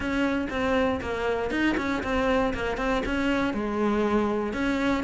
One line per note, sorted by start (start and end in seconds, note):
0.00 0.47 C#4
0.50 1.00 C4
1.01 1.50 A#3
1.50 1.76 D#4
1.77 2.02 C#4
2.03 2.53 C4
2.54 2.77 A#3
2.77 3.02 C4
3.05 3.53 C#4
3.53 4.53 G#3
4.53 5.03 C#4